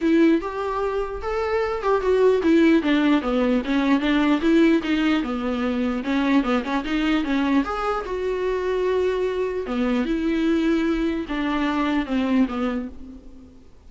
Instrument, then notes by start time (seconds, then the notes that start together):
viola
0.01 E4
0.41 G4
1.22 A4
1.82 G4
2.01 F#4
2.42 E4
2.82 D4
3.21 B3
3.64 C#4
4.00 D4
4.41 E4
4.82 D#4
5.22 B3
6.03 C#4
6.43 B3
6.63 C#4
6.84 D#4
7.24 C#4
7.64 G#4
8.05 F#4
9.66 B3
10.05 E4
11.28 D4
12.06 C4
12.48 B3